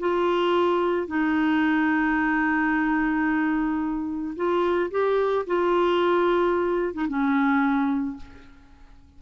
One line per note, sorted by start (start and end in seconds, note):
0.00 1.08 F4
1.08 4.35 D#4
4.36 4.91 F4
4.91 5.46 G4
5.47 6.94 F4
6.94 7.08 D#4
7.08 8.17 C#4